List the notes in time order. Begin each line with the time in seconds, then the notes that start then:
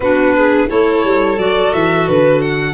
0.00 B3 D4 F#4 B4
0.36 G#4
0.68 A3 E4 A4 C#5
1.04 G3
1.38 F#3 F#4 D5
1.73 E3 E5
2.07 D3 B4
2.41 F#5